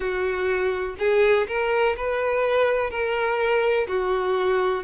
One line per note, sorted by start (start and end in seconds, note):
0.00 0.95 F#4
0.99 1.47 G#4
1.47 1.96 A#4
1.97 2.90 B4
2.90 3.87 A#4
3.87 4.83 F#4